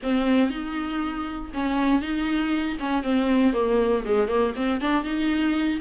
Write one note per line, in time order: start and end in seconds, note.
0.02 0.50 C4
0.50 1.51 D#4
1.53 2.01 C#4
2.01 2.77 D#4
2.79 3.03 C#4
3.03 3.53 C4
3.53 4.03 A#3
4.05 4.27 G#3
4.27 4.53 A#3
4.56 4.80 C4
4.80 5.04 D4
5.04 5.79 D#4